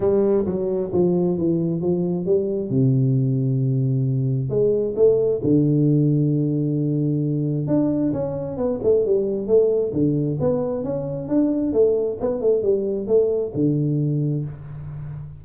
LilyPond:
\new Staff \with { instrumentName = "tuba" } { \time 4/4 \tempo 4 = 133 g4 fis4 f4 e4 | f4 g4 c2~ | c2 gis4 a4 | d1~ |
d4 d'4 cis'4 b8 a8 | g4 a4 d4 b4 | cis'4 d'4 a4 b8 a8 | g4 a4 d2 | }